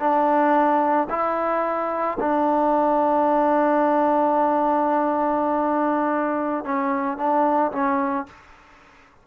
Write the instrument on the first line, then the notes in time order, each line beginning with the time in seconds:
trombone
0.00 D4
1.10 E4
2.20 D4
6.65 C#4
7.17 D4
7.72 C#4